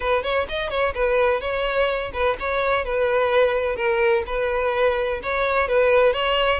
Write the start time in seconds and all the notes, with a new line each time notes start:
0.00 B4
0.23 C#5
0.48 D#5
0.70 C#5
0.94 B4
1.40 C#5
2.13 B4
2.39 C#5
2.85 B4
3.76 A#4
4.26 B4
5.22 C#5
5.68 B4
6.13 C#5